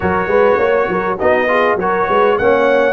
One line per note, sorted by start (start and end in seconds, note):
0.00 0.27 F#3
0.00 1.18 F#4
0.00 0.28 A#4
0.00 1.18 C#5
0.27 0.56 G#3
0.27 0.57 B4
0.57 0.87 A#3
0.57 0.86 C#5
0.88 1.18 F#3
0.88 1.18 A#4
1.18 1.75 B3
1.18 1.48 D#4
1.18 1.47 F#4
1.18 1.78 D#5
1.48 1.77 F4
1.48 1.79 G#4
1.75 2.05 F#3
1.75 2.39 F#4
1.75 2.08 A#4
1.75 2.38 C#5
2.08 2.38 G#3
2.08 2.37 B4
2.38 2.92 A#3
2.38 2.92 C#4
2.38 2.92 C#5
2.38 2.92 F#5